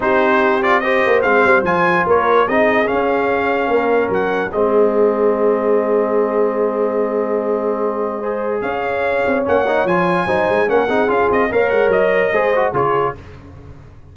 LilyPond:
<<
  \new Staff \with { instrumentName = "trumpet" } { \time 4/4 \tempo 4 = 146 c''4. d''8 dis''4 f''4 | gis''4 cis''4 dis''4 f''4~ | f''2 fis''4 dis''4~ | dis''1~ |
dis''1~ | dis''4 f''2 fis''4 | gis''2 fis''4 f''8 dis''8 | f''8 fis''8 dis''2 cis''4 | }
  \new Staff \with { instrumentName = "horn" } { \time 4/4 g'2 c''2~ | c''4 ais'4 gis'2~ | gis'4 ais'2 gis'4~ | gis'1~ |
gis'1 | c''4 cis''2.~ | cis''4 c''4 ais'8 gis'4. | cis''2 c''4 gis'4 | }
  \new Staff \with { instrumentName = "trombone" } { \time 4/4 dis'4. f'8 g'4 c'4 | f'2 dis'4 cis'4~ | cis'2. c'4~ | c'1~ |
c'1 | gis'2. cis'8 dis'8 | f'4 dis'4 cis'8 dis'8 f'4 | ais'2 gis'8 fis'8 f'4 | }
  \new Staff \with { instrumentName = "tuba" } { \time 4/4 c'2~ c'8 ais8 gis8 g8 | f4 ais4 c'4 cis'4~ | cis'4 ais4 fis4 gis4~ | gis1~ |
gis1~ | gis4 cis'4. c'8 ais4 | f4 fis8 gis8 ais8 c'8 cis'8 c'8 | ais8 gis8 fis4 gis4 cis4 | }
>>